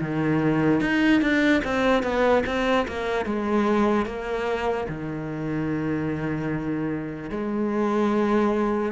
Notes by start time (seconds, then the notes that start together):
0.00 D#3
0.80 D#4
1.21 D4
1.64 C4
2.03 B3
2.46 C4
2.87 A#3
3.25 G#3
4.05 A#3
4.88 D#3
7.30 G#3